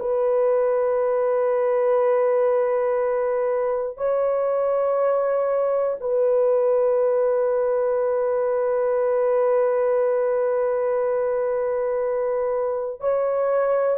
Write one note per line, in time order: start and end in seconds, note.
0.00 3.98 B4
3.98 5.98 C#5
6.01 13.00 B4
13.00 13.98 C#5